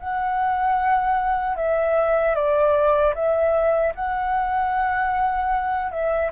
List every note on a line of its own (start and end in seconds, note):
0.00 1.56 F#5
1.56 2.35 E5
2.35 3.14 D5
3.15 3.94 E5
3.95 5.92 F#5
5.92 6.32 E5